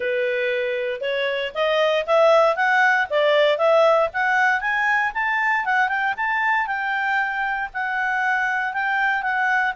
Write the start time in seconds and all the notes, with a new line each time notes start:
0.00 B4
1.00 C#5
1.54 D#5
2.06 E5
2.56 F#5
3.09 D5
3.58 E5
4.13 F#5
4.60 G#5
5.14 A5
5.65 F#5
5.88 G5
6.16 A5
6.66 G5
7.73 F#5
8.73 G5
9.22 F#5